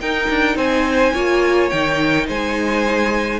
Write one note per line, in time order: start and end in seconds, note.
0.00 0.29 D#4
0.00 1.14 D#4
0.00 0.57 A#4
0.00 0.57 G5
0.29 0.55 D4
0.55 1.12 C4
0.55 1.13 C5
0.55 1.69 G#5
1.13 1.71 A#3
1.13 1.70 F4
1.13 2.26 C#5
1.69 2.29 D#3
1.69 3.40 D#4
1.69 2.26 G5
2.27 3.40 G#3
2.27 3.40 C5
2.27 3.40 G#5